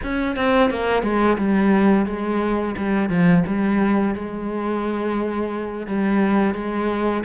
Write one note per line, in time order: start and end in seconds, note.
0.03 0.36 C#4
0.36 0.70 C4
0.70 1.02 A#3
1.02 1.37 G#3
1.37 2.06 G3
2.06 2.75 G#3
2.77 3.09 G3
3.09 3.43 F3
3.47 4.14 G3
4.14 5.87 G#3
5.87 6.54 G3
6.54 7.23 G#3